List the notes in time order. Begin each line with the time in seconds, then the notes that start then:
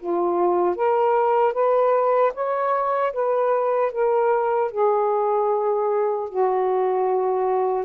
0.00 F4
0.76 A#4
1.53 B4
2.34 C#5
3.13 B4
3.92 A#4
4.72 G#4
6.29 F#4